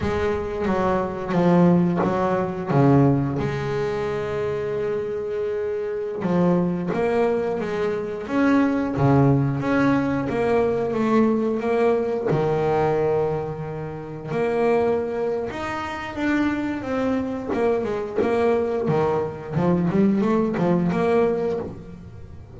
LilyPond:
\new Staff \with { instrumentName = "double bass" } { \time 4/4 \tempo 4 = 89 gis4 fis4 f4 fis4 | cis4 gis2.~ | gis4~ gis16 f4 ais4 gis8.~ | gis16 cis'4 cis4 cis'4 ais8.~ |
ais16 a4 ais4 dis4.~ dis16~ | dis4~ dis16 ais4.~ ais16 dis'4 | d'4 c'4 ais8 gis8 ais4 | dis4 f8 g8 a8 f8 ais4 | }